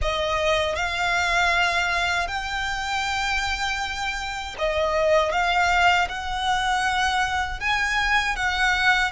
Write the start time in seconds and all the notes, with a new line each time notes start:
0.01 D#5
0.75 F5
2.27 G5
4.58 D#5
5.32 F5
6.08 F#5
7.59 G#5
8.35 F#5